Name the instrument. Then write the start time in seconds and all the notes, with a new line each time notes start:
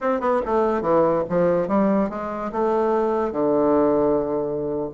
bassoon
0.00 C4
0.20 B3
0.45 A3
0.81 E3
1.29 F3
1.68 G3
2.09 G#3
2.52 A3
3.31 D3